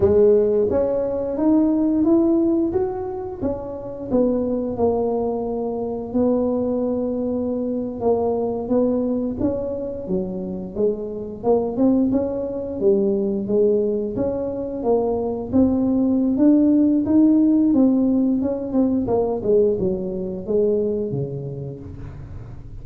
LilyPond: \new Staff \with { instrumentName = "tuba" } { \time 4/4 \tempo 4 = 88 gis4 cis'4 dis'4 e'4 | fis'4 cis'4 b4 ais4~ | ais4 b2~ b8. ais16~ | ais8. b4 cis'4 fis4 gis16~ |
gis8. ais8 c'8 cis'4 g4 gis16~ | gis8. cis'4 ais4 c'4~ c'16 | d'4 dis'4 c'4 cis'8 c'8 | ais8 gis8 fis4 gis4 cis4 | }